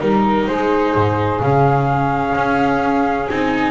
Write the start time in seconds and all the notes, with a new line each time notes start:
0.00 G3 D#4 A#4
0.47 G#3 G#4 C5
0.95 G#2
1.41 C#3 C#4 F5
2.35 C#4
3.29 C4 D#4 G#5